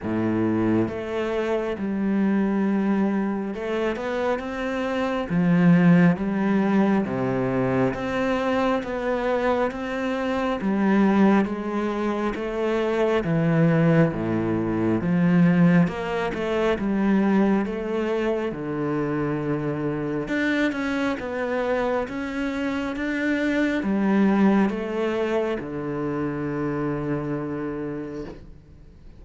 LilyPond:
\new Staff \with { instrumentName = "cello" } { \time 4/4 \tempo 4 = 68 a,4 a4 g2 | a8 b8 c'4 f4 g4 | c4 c'4 b4 c'4 | g4 gis4 a4 e4 |
a,4 f4 ais8 a8 g4 | a4 d2 d'8 cis'8 | b4 cis'4 d'4 g4 | a4 d2. | }